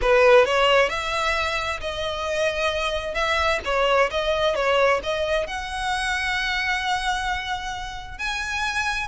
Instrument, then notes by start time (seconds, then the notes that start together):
violin
0.01 B4
0.45 C#5
0.89 E5
1.80 D#5
3.14 E5
3.64 C#5
4.10 D#5
4.55 C#5
5.03 D#5
5.46 F#5
8.18 G#5